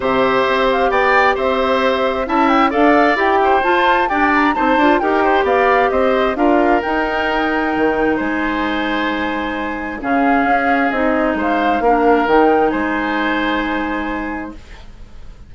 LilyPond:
<<
  \new Staff \with { instrumentName = "flute" } { \time 4/4 \tempo 4 = 132 e''4. f''8 g''4 e''4~ | e''4 a''8 g''8 f''4 g''4 | a''4 g''8 ais''8 a''4 g''4 | f''4 dis''4 f''4 g''4~ |
g''2 gis''2~ | gis''2 f''2 | dis''4 f''2 g''4 | gis''1 | }
  \new Staff \with { instrumentName = "oboe" } { \time 4/4 c''2 d''4 c''4~ | c''4 e''4 d''4. c''8~ | c''4 d''4 c''4 ais'8 c''8 | d''4 c''4 ais'2~ |
ais'2 c''2~ | c''2 gis'2~ | gis'4 c''4 ais'2 | c''1 | }
  \new Staff \with { instrumentName = "clarinet" } { \time 4/4 g'1~ | g'4 e'4 a'4 g'4 | f'4 d'4 dis'8 f'8 g'4~ | g'2 f'4 dis'4~ |
dis'1~ | dis'2 cis'2 | dis'2 d'4 dis'4~ | dis'1 | }
  \new Staff \with { instrumentName = "bassoon" } { \time 4/4 c4 c'4 b4 c'4~ | c'4 cis'4 d'4 e'4 | f'4 g'4 c'8 d'8 dis'4 | b4 c'4 d'4 dis'4~ |
dis'4 dis4 gis2~ | gis2 cis4 cis'4 | c'4 gis4 ais4 dis4 | gis1 | }
>>